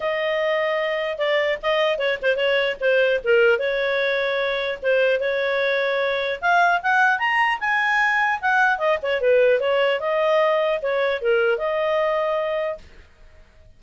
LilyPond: \new Staff \with { instrumentName = "clarinet" } { \time 4/4 \tempo 4 = 150 dis''2. d''4 | dis''4 cis''8 c''8 cis''4 c''4 | ais'4 cis''2. | c''4 cis''2. |
f''4 fis''4 ais''4 gis''4~ | gis''4 fis''4 dis''8 cis''8 b'4 | cis''4 dis''2 cis''4 | ais'4 dis''2. | }